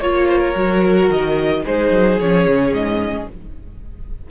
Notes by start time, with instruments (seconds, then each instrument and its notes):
0.00 cello A#3, viola F4, violin C#5
0.29 violin C5
0.39 violin A#4
0.55 cello F#3, viola F#4
1.09 cello D#3, violin D#5
1.65 cello G#3, viola D#4, violin G#4 C5
1.91 cello F#3
2.20 cello F3, viola C#4, violin C#5
2.47 cello C#3
2.72 cello G#2, violin D#5